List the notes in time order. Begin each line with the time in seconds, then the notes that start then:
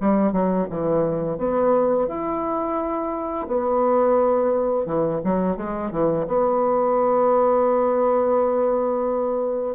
0.00 G3
0.32 F#3
0.70 E3
1.38 B3
2.07 E4
3.47 B3
4.86 E3
5.24 F#3
5.57 G#3
5.91 E3
6.27 B3